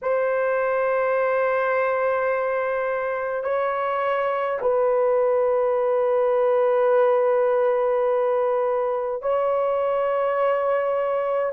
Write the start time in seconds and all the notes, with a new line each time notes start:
0.02 C5
3.43 C#5
4.61 B4
9.22 C#5